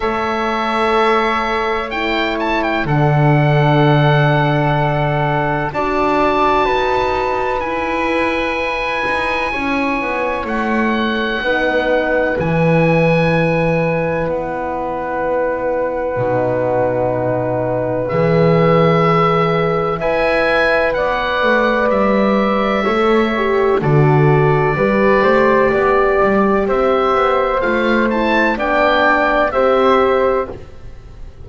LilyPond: <<
  \new Staff \with { instrumentName = "oboe" } { \time 4/4 \tempo 4 = 63 e''2 g''8 a''16 g''16 fis''4~ | fis''2 a''2 | gis''2. fis''4~ | fis''4 gis''2 fis''4~ |
fis''2. e''4~ | e''4 gis''4 fis''4 e''4~ | e''4 d''2. | e''4 f''8 a''8 g''4 e''4 | }
  \new Staff \with { instrumentName = "flute" } { \time 4/4 cis''2. a'4~ | a'2 d''4 b'4~ | b'2 cis''2 | b'1~ |
b'1~ | b'4 e''4 d''2 | cis''4 a'4 b'8 c''8 d''4 | c''2 d''4 c''4 | }
  \new Staff \with { instrumentName = "horn" } { \time 4/4 a'2 e'4 d'4~ | d'2 fis'2 | e'1 | dis'4 e'2.~ |
e'4 dis'2 gis'4~ | gis'4 b'2. | a'8 g'8 fis'4 g'2~ | g'4 f'8 e'8 d'4 g'4 | }
  \new Staff \with { instrumentName = "double bass" } { \time 4/4 a2. d4~ | d2 d'4 dis'4 | e'4. dis'8 cis'8 b8 a4 | b4 e2 b4~ |
b4 b,2 e4~ | e4 e'4 b8 a8 g4 | a4 d4 g8 a8 b8 g8 | c'8 b8 a4 b4 c'4 | }
>>